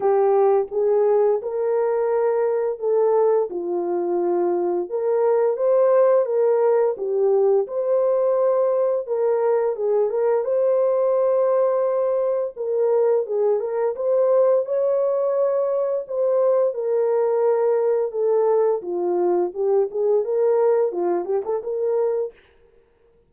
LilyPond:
\new Staff \with { instrumentName = "horn" } { \time 4/4 \tempo 4 = 86 g'4 gis'4 ais'2 | a'4 f'2 ais'4 | c''4 ais'4 g'4 c''4~ | c''4 ais'4 gis'8 ais'8 c''4~ |
c''2 ais'4 gis'8 ais'8 | c''4 cis''2 c''4 | ais'2 a'4 f'4 | g'8 gis'8 ais'4 f'8 g'16 a'16 ais'4 | }